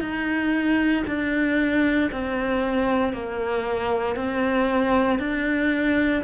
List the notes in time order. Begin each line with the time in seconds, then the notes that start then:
0.00 D#4
1.07 D4
2.12 C4
3.13 A#3
4.16 C4
5.19 D4